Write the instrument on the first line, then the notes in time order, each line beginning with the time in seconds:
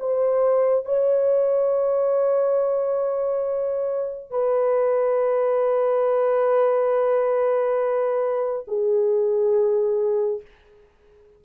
horn
0.00 C5
0.86 C#5
4.31 B4
8.68 G#4